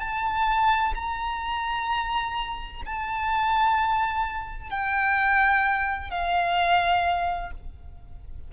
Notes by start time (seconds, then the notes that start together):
0.00 A5
0.95 A#5
2.86 A5
4.70 G5
6.11 F5